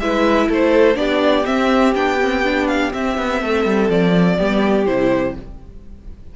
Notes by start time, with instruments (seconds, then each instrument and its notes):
0.00 cello G#3, viola E4, violin B4 E5
0.48 cello A3, violin A4 C5
0.95 cello B3, viola D4, violin G4 D5
1.45 viola C4, cello C4, violin E5
1.94 cello B3, viola D4, violin G5
2.21 viola C4
2.44 viola D4
2.68 violin F5
2.92 viola C4, cello C4, violin E5
3.18 cello B3
3.41 cello A3, violin A4
3.65 cello G3
3.89 cello F3, violin D5
4.37 cello G3, viola B3, violin G4
4.86 cello C3, viola E4, violin C5